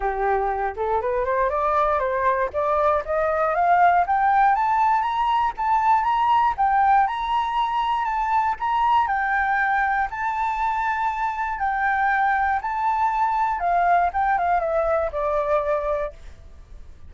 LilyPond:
\new Staff \with { instrumentName = "flute" } { \time 4/4 \tempo 4 = 119 g'4. a'8 b'8 c''8 d''4 | c''4 d''4 dis''4 f''4 | g''4 a''4 ais''4 a''4 | ais''4 g''4 ais''2 |
a''4 ais''4 g''2 | a''2. g''4~ | g''4 a''2 f''4 | g''8 f''8 e''4 d''2 | }